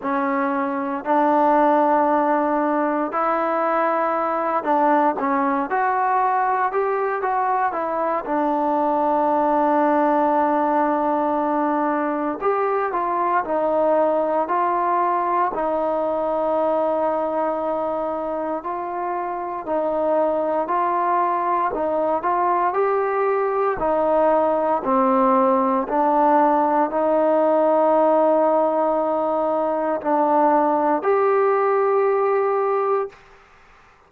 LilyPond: \new Staff \with { instrumentName = "trombone" } { \time 4/4 \tempo 4 = 58 cis'4 d'2 e'4~ | e'8 d'8 cis'8 fis'4 g'8 fis'8 e'8 | d'1 | g'8 f'8 dis'4 f'4 dis'4~ |
dis'2 f'4 dis'4 | f'4 dis'8 f'8 g'4 dis'4 | c'4 d'4 dis'2~ | dis'4 d'4 g'2 | }